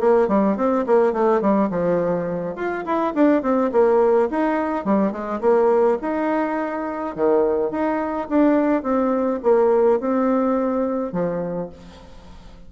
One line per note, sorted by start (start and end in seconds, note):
0.00 0.28 A#3
0.28 0.57 G3
0.57 0.85 C4
0.86 1.12 A#3
1.12 1.41 A3
1.41 1.70 G3
1.70 2.56 F3
2.56 2.84 F4
2.85 3.14 E4
3.14 3.42 D4
3.42 3.71 C4
3.72 4.29 A#3
4.30 4.85 D#4
4.85 5.12 G3
5.12 5.40 G#3
5.41 5.98 A#3
6.02 7.15 D#4
7.15 7.71 D#3
7.71 8.28 D#4
8.29 8.83 D4
8.83 9.40 C4
9.43 10.00 A#3
10.00 11.12 C4
11.12 11.69 F3